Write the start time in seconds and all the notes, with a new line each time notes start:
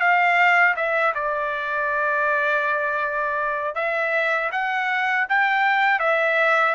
0.00 F5
0.76 E5
1.15 D5
3.75 E5
4.52 F#5
5.29 G5
6.00 E5